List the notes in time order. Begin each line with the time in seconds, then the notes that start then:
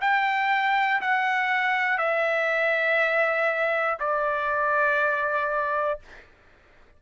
0.00 G5
1.01 F#5
1.98 E5
4.00 D5